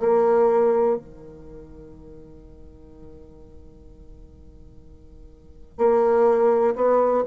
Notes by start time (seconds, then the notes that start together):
0.00 A#3
0.97 D#3
5.78 A#3
6.76 B3